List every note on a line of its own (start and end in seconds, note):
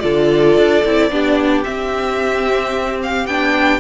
0.00 0.58 D3
0.00 0.83 F4
0.00 1.12 A4
0.00 1.62 D5
0.58 0.85 D4
0.85 1.11 C4
0.85 1.11 E4
1.11 1.65 B3
1.11 1.64 D4
1.11 3.80 G4
1.64 3.26 C4
1.64 3.27 C4
1.64 2.99 E5
3.03 3.27 F5
3.27 3.80 B3
3.27 3.80 D4
3.27 3.80 G5